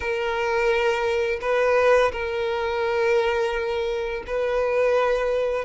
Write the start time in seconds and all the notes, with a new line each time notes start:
0.00 A#4
1.41 B4
2.11 A#4
4.26 B4